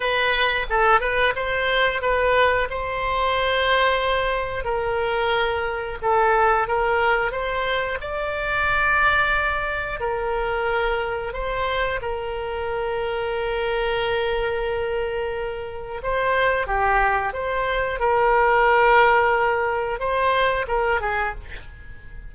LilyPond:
\new Staff \with { instrumentName = "oboe" } { \time 4/4 \tempo 4 = 90 b'4 a'8 b'8 c''4 b'4 | c''2. ais'4~ | ais'4 a'4 ais'4 c''4 | d''2. ais'4~ |
ais'4 c''4 ais'2~ | ais'1 | c''4 g'4 c''4 ais'4~ | ais'2 c''4 ais'8 gis'8 | }